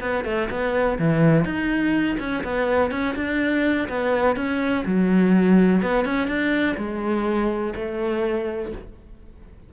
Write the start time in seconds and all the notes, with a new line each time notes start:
0.00 B3
0.24 A3
0.50 B3
0.98 E3
1.44 D#4
2.19 C#4
2.43 B3
2.91 C#4
3.15 D4
3.88 B3
4.36 C#4
4.86 F#3
5.82 B3
6.04 C#4
6.27 D4
6.77 G#3
7.75 A3